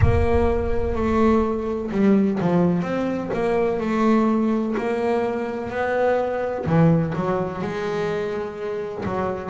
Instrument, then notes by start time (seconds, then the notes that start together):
double bass
0.01 A#3
0.95 A3
1.90 G3
2.40 F3
2.82 C4
3.33 A#3
3.80 A3
4.77 A#3
5.69 B3
6.65 E3
7.15 F#3
7.61 G#3
9.05 F#3